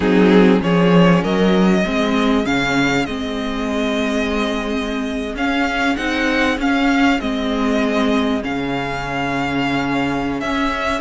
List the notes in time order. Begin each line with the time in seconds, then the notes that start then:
0.00 F#3 C4 D#4 G#4
0.61 F3 C#4 G#4 C#5
1.21 F#3 A#4 D#5
1.83 G#3 C4 G#4
2.45 C#3 C#4 F5
3.05 G#3 C4 D#5
5.34 C#4 F5
5.96 C4 D#4 F#5
6.57 C#4 F5
7.20 G#3 C4 D#5
8.42 C#3 C#4 F5
10.40 C#4 E5